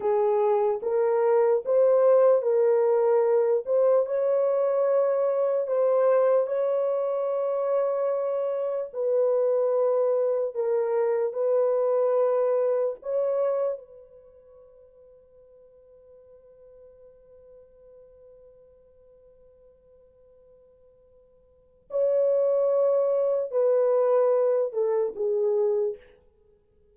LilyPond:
\new Staff \with { instrumentName = "horn" } { \time 4/4 \tempo 4 = 74 gis'4 ais'4 c''4 ais'4~ | ais'8 c''8 cis''2 c''4 | cis''2. b'4~ | b'4 ais'4 b'2 |
cis''4 b'2.~ | b'1~ | b'2. cis''4~ | cis''4 b'4. a'8 gis'4 | }